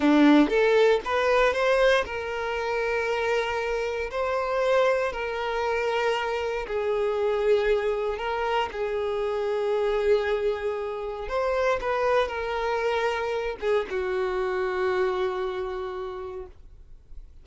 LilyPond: \new Staff \with { instrumentName = "violin" } { \time 4/4 \tempo 4 = 117 d'4 a'4 b'4 c''4 | ais'1 | c''2 ais'2~ | ais'4 gis'2. |
ais'4 gis'2.~ | gis'2 c''4 b'4 | ais'2~ ais'8 gis'8 fis'4~ | fis'1 | }